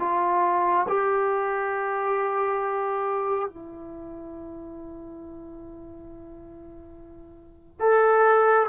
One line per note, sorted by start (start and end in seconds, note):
0.00 0.87 F4
0.89 3.49 G4
3.49 7.80 E4
7.80 8.67 A4